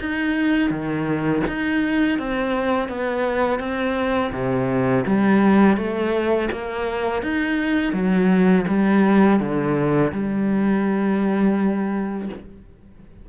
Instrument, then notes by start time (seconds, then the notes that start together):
cello
0.00 D#4
0.70 D#3
1.48 D#4
2.19 C4
2.89 B3
3.59 C4
4.32 C3
5.07 G3
5.77 A3
6.52 A#3
7.23 D#4
7.93 F#3
8.68 G3
9.40 D3
10.12 G3